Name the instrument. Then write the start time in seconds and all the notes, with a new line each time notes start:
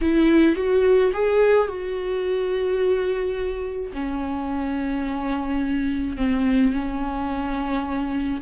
viola
0.01 E4
0.55 F#4
1.13 G#4
1.67 F#4
3.93 C#4
6.17 C4
6.73 C#4